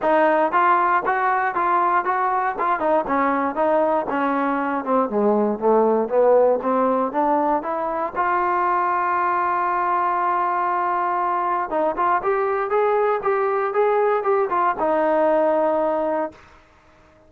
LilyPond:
\new Staff \with { instrumentName = "trombone" } { \time 4/4 \tempo 4 = 118 dis'4 f'4 fis'4 f'4 | fis'4 f'8 dis'8 cis'4 dis'4 | cis'4. c'8 gis4 a4 | b4 c'4 d'4 e'4 |
f'1~ | f'2. dis'8 f'8 | g'4 gis'4 g'4 gis'4 | g'8 f'8 dis'2. | }